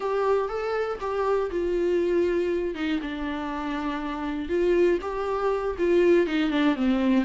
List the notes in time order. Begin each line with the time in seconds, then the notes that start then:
0.00 G4
0.49 A4
1.00 G4
1.50 F4
2.74 D#4
3.02 D4
4.48 F4
5.01 G4
5.78 F4
6.26 D#4
6.50 D4
6.75 C4